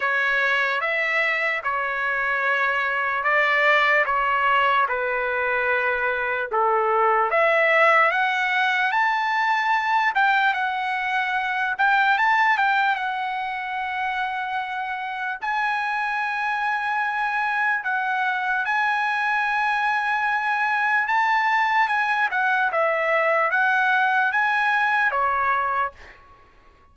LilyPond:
\new Staff \with { instrumentName = "trumpet" } { \time 4/4 \tempo 4 = 74 cis''4 e''4 cis''2 | d''4 cis''4 b'2 | a'4 e''4 fis''4 a''4~ | a''8 g''8 fis''4. g''8 a''8 g''8 |
fis''2. gis''4~ | gis''2 fis''4 gis''4~ | gis''2 a''4 gis''8 fis''8 | e''4 fis''4 gis''4 cis''4 | }